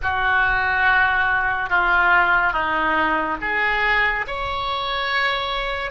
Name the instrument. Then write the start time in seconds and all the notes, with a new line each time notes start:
oboe
0.02 F#4
1.69 F4
2.52 D#4
3.41 G#4
4.27 C#5